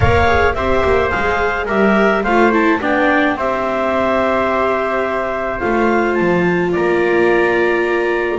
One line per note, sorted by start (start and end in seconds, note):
0.00 0.54 A#3
0.00 0.26 A#4
0.00 0.55 C#5
0.00 0.54 F5
0.26 0.54 G#4
0.54 0.82 C4
0.54 1.10 G4
0.54 1.66 C5
0.54 1.10 E5
0.84 1.12 A#3
1.10 1.69 G#3
1.10 1.66 G#4
1.10 1.66 F5
1.66 2.24 G3
1.66 2.23 G4
1.66 2.22 A#4
1.66 2.23 E5
2.23 2.80 A3
2.23 2.52 F4
2.23 2.79 C5
2.23 2.51 F5
2.52 2.80 E4
2.52 2.81 A5
2.80 3.35 B3
2.80 3.37 D4
2.80 3.36 D5
2.80 3.37 G5
3.35 5.60 C4
3.35 5.59 G4
3.35 6.71 C5
3.35 5.59 E5
5.59 6.20 A3
5.59 8.39 F4
5.59 6.14 F5
6.14 6.76 F3
6.14 6.70 A5
6.71 8.39 A#3
6.71 8.39 D5
6.71 8.39 A#5